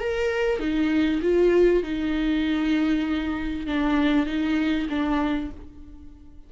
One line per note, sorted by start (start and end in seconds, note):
0.00 0.59 A#4
0.59 1.21 D#4
1.22 1.83 F4
1.83 3.67 D#4
3.67 4.26 D4
4.26 4.88 D#4
4.89 5.50 D4